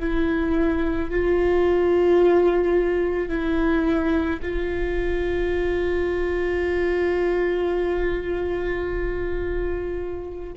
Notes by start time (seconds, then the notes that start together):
0.00 E4
1.11 F4
3.29 E4
4.42 F4